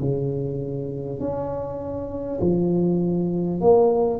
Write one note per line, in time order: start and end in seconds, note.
0.00 1.20 C#3
1.20 2.40 C#4
2.41 3.61 F3
3.61 4.20 A#3